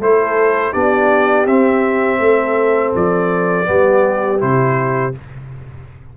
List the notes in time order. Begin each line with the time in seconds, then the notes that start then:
0.00 A3 E4 A4 C5
0.73 B3 D4 G4 D5
1.47 C4 E5
2.19 A3 A4
2.95 F3 D5
3.65 G3 B3 G4
4.39 C3 E4 C5